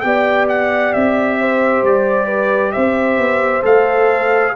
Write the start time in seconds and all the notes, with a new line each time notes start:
0.00 B3 G4 D5 G5
0.48 F#5
0.92 C4 E5
1.39 C5
1.83 G3 D5
2.26 B4
2.71 C4 C5 E5
3.17 B3
3.62 A3 A4 F5